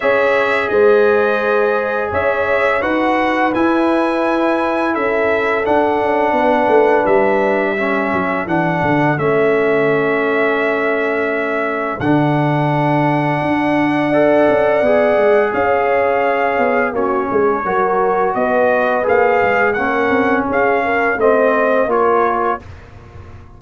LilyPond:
<<
  \new Staff \with { instrumentName = "trumpet" } { \time 4/4 \tempo 4 = 85 e''4 dis''2 e''4 | fis''4 gis''2 e''4 | fis''2 e''2 | fis''4 e''2.~ |
e''4 fis''2.~ | fis''2 f''2 | cis''2 dis''4 f''4 | fis''4 f''4 dis''4 cis''4 | }
  \new Staff \with { instrumentName = "horn" } { \time 4/4 cis''4 c''2 cis''4 | b'2. a'4~ | a'4 b'2 a'4~ | a'1~ |
a'1 | d''2 cis''2 | fis'8 gis'8 ais'4 b'2 | ais'4 gis'8 ais'8 c''4 ais'4 | }
  \new Staff \with { instrumentName = "trombone" } { \time 4/4 gis'1 | fis'4 e'2. | d'2. cis'4 | d'4 cis'2.~ |
cis'4 d'2. | a'4 gis'2. | cis'4 fis'2 gis'4 | cis'2 c'4 f'4 | }
  \new Staff \with { instrumentName = "tuba" } { \time 4/4 cis'4 gis2 cis'4 | dis'4 e'2 cis'4 | d'8 cis'8 b8 a8 g4. fis8 | e8 d8 a2.~ |
a4 d2 d'4~ | d'8 cis'8 b8 gis8 cis'4. b8 | ais8 gis8 fis4 b4 ais8 gis8 | ais8 c'8 cis'4 a4 ais4 | }
>>